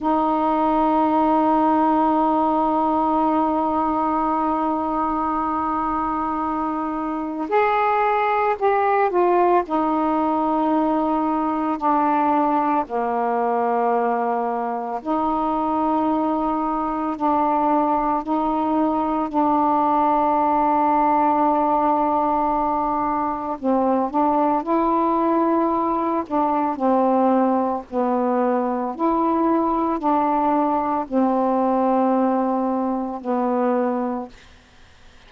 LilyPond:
\new Staff \with { instrumentName = "saxophone" } { \time 4/4 \tempo 4 = 56 dis'1~ | dis'2. gis'4 | g'8 f'8 dis'2 d'4 | ais2 dis'2 |
d'4 dis'4 d'2~ | d'2 c'8 d'8 e'4~ | e'8 d'8 c'4 b4 e'4 | d'4 c'2 b4 | }